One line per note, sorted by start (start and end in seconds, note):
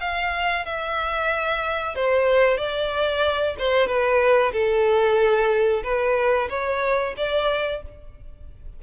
0.00 0.65 F5
0.65 1.95 E5
1.95 2.57 C5
2.57 3.55 D5
3.58 3.87 C5
3.87 4.52 B4
4.52 5.83 A4
5.83 6.48 B4
6.49 7.14 C#5
7.17 7.82 D5